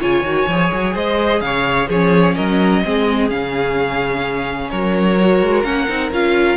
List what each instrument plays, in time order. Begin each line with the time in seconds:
0.00 cello C#3, viola F4, violin C#5 G#5
0.23 cello D#3, viola F#4
0.48 cello F3, viola G#4
0.73 cello F#3
0.94 cello G#3, violin C5 D#5
1.41 cello C#3, violin C#5 F5
1.88 cello F3, viola C#4, violin G#4 C#5
2.35 cello F#3, violin A#4 D#5
2.84 cello G#3, viola C4, violin G#4
3.29 cello C#3, viola C#4, violin F5
4.70 cello F#3, violin A#4 C#5
5.20 viola F#4
5.43 cello G#3
5.63 cello A#3, viola C#4, violin F#5
5.89 cello C4, viola D#4
6.11 cello C#4, viola F4, violin F5